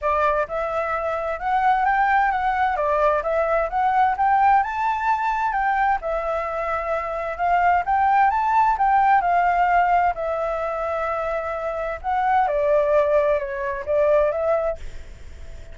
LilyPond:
\new Staff \with { instrumentName = "flute" } { \time 4/4 \tempo 4 = 130 d''4 e''2 fis''4 | g''4 fis''4 d''4 e''4 | fis''4 g''4 a''2 | g''4 e''2. |
f''4 g''4 a''4 g''4 | f''2 e''2~ | e''2 fis''4 d''4~ | d''4 cis''4 d''4 e''4 | }